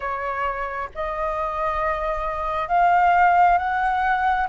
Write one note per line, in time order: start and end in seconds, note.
0.00 0.90 C#5
0.94 2.68 D#5
2.68 3.58 F5
3.58 4.47 F#5